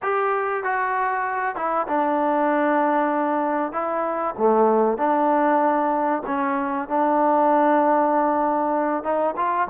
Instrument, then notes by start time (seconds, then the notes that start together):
trombone
0.02 G4
0.63 F#4
1.55 E4
1.87 D4
3.72 E4
4.38 A3
4.97 D4
6.26 C#4
6.88 D4
9.03 D#4
9.36 F4